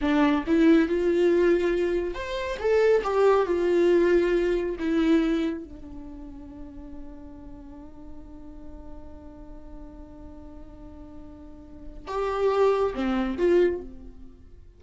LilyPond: \new Staff \with { instrumentName = "viola" } { \time 4/4 \tempo 4 = 139 d'4 e'4 f'2~ | f'4 c''4 a'4 g'4 | f'2. e'4~ | e'4 d'2.~ |
d'1~ | d'1~ | d'1 | g'2 c'4 f'4 | }